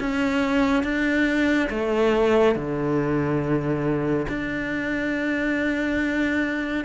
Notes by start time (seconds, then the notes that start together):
0.00 C#4
0.84 D4
1.70 A3
2.56 D3
4.29 D4